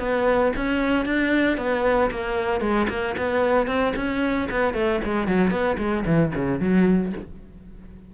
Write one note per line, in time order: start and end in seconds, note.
0.00 0.53 B3
0.56 1.06 C#4
1.06 1.58 D4
1.58 2.11 B3
2.11 2.61 A#3
2.61 2.87 G#3
2.89 3.16 A#3
3.18 3.67 B3
3.67 3.94 C4
3.96 4.49 C#4
4.51 4.74 B3
4.74 5.00 A3
5.05 5.28 G#3
5.28 5.51 F#3
5.51 5.77 B3
5.78 6.05 G#3
6.06 6.33 E3
6.35 6.60 C#3
6.60 7.13 F#3